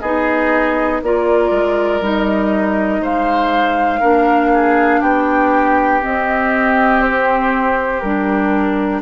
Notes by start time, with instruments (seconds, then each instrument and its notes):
0.00 bassoon B3, clarinet D#4, oboe G#4, flute D#5
1.02 bassoon A#3, clarinet F4, oboe A#4, flute D5
1.50 bassoon G#3
2.01 bassoon G3, clarinet D#4, flute D#5
3.00 bassoon G#3, oboe C5, flute F5
4.00 bassoon A#3, clarinet D4, oboe A#4
4.53 oboe G#4
5.00 bassoon B3, oboe G4, flute G5
6.01 clarinet C4, bassoon C4, flute D#5
7.01 flute C5
8.00 bassoon G3, clarinet D4, flute A#4